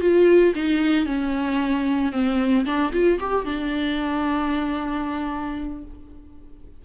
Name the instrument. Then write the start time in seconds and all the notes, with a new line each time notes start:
viola
0.00 F4
0.54 D#4
1.05 C#4
2.12 C4
2.65 D4
2.92 F4
3.19 G4
3.45 D4